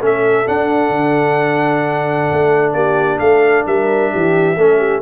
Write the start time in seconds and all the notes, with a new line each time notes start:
0.00 A3 C#4 A4 E5
0.46 D4 F#5
0.90 D3
2.32 A3
2.73 A#3 G4 D5
3.19 A3 A4 F5
3.66 G3 A#4 E5
4.11 E3 G4
4.56 A3 C#4 A4
4.78 G4